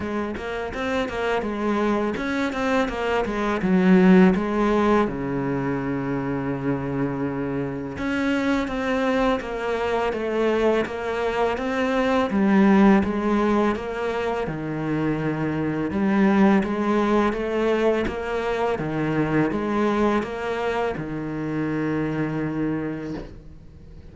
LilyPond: \new Staff \with { instrumentName = "cello" } { \time 4/4 \tempo 4 = 83 gis8 ais8 c'8 ais8 gis4 cis'8 c'8 | ais8 gis8 fis4 gis4 cis4~ | cis2. cis'4 | c'4 ais4 a4 ais4 |
c'4 g4 gis4 ais4 | dis2 g4 gis4 | a4 ais4 dis4 gis4 | ais4 dis2. | }